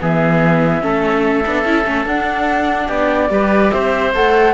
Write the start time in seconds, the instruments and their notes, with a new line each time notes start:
0.00 cello E3, viola B3, oboe G#4, flute E5
0.81 cello A3, viola C#4, oboe A4
1.46 cello B3, viola D4
1.65 cello C#4, viola E4
1.84 cello A3, viola C#4
2.05 cello D4, viola D4, flute F#5
2.87 cello B3, oboe G4, flute D5
3.30 cello G3, viola G4, oboe B4
3.71 cello C4, oboe C5, flute E5
4.15 cello A3, viola A4, flute F#5